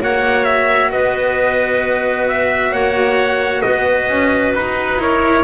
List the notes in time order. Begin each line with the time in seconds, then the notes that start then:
0.00 A#3 F#4 C#5 F#5
0.44 E5
0.91 B3 B4 D#5
2.27 E5
2.71 A#3 C#5 F#5
3.61 B3 B4 D#5
4.08 C#4
4.53 D#4 B4
4.97 E4 A#4 C#5